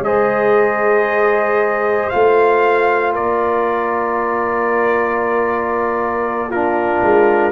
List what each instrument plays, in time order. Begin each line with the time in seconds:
0.00 tuba G#3, trombone G#4, trumpet D#5
0.06 horn C5
2.10 tuba A3, trombone F4, trumpet F5
3.14 tuba A#3, horn A#4, trumpet D5
6.50 trombone D4, horn F4, trumpet A#4
7.03 tuba G#3